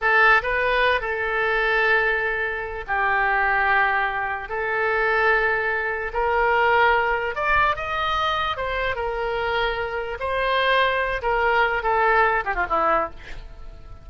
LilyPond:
\new Staff \with { instrumentName = "oboe" } { \time 4/4 \tempo 4 = 147 a'4 b'4. a'4.~ | a'2. g'4~ | g'2. a'4~ | a'2. ais'4~ |
ais'2 d''4 dis''4~ | dis''4 c''4 ais'2~ | ais'4 c''2~ c''8 ais'8~ | ais'4 a'4. g'16 f'16 e'4 | }